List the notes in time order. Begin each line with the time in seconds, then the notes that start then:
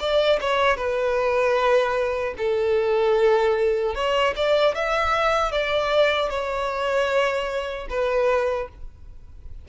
0.00 D5
0.41 C#5
0.77 B4
2.38 A4
3.95 C#5
4.36 D5
4.75 E5
5.52 D5
6.30 C#5
7.90 B4